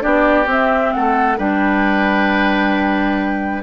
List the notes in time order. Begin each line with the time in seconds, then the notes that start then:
0.00 B3 D4 G4 D5
0.46 C4 E5
0.93 A3 A4 F#5
1.37 G3 D4 B4 G5